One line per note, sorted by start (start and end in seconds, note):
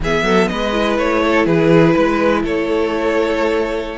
0.00 0.23 E3
0.00 0.73 B3
0.00 0.25 G#4
0.00 0.48 E5
0.23 0.47 F#3
0.23 0.49 A4
0.48 0.98 G#3
0.48 1.23 B4
0.48 0.96 D#5
0.73 3.97 E4
0.98 1.46 A3
0.98 1.45 C#5
1.23 1.46 A4
1.45 1.95 E3
1.45 1.93 G#4
1.45 2.43 B4
1.93 2.43 G#3
1.93 2.42 B4
2.43 3.97 A3
2.43 3.97 A4
2.43 3.97 C#5